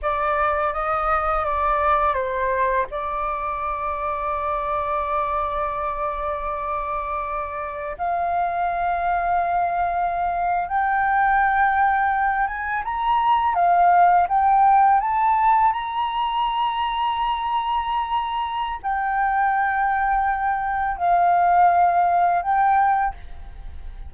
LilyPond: \new Staff \with { instrumentName = "flute" } { \time 4/4 \tempo 4 = 83 d''4 dis''4 d''4 c''4 | d''1~ | d''2. f''4~ | f''2~ f''8. g''4~ g''16~ |
g''4~ g''16 gis''8 ais''4 f''4 g''16~ | g''8. a''4 ais''2~ ais''16~ | ais''2 g''2~ | g''4 f''2 g''4 | }